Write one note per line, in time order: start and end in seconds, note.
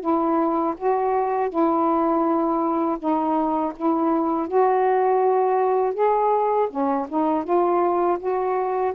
0.00 0.74 E4
0.77 1.49 F#4
1.49 2.97 E4
2.98 3.72 D#4
3.76 4.47 E4
4.47 5.94 F#4
5.94 6.68 G#4
6.70 7.07 C#4
7.08 7.43 D#4
7.43 8.18 F4
8.19 8.93 F#4